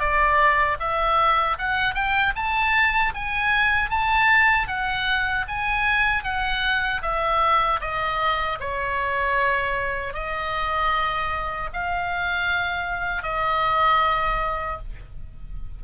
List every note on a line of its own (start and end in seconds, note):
0.00 0.78 D5
0.80 1.58 E5
1.59 1.95 F#5
1.95 2.34 G5
2.36 3.14 A5
3.15 3.90 G#5
3.90 4.68 A5
4.68 5.46 F#5
5.48 6.24 G#5
6.24 7.02 F#5
7.03 7.81 E5
7.81 8.59 D#5
8.60 10.14 C#5
10.14 11.70 D#5
11.73 13.23 F5
13.23 14.79 D#5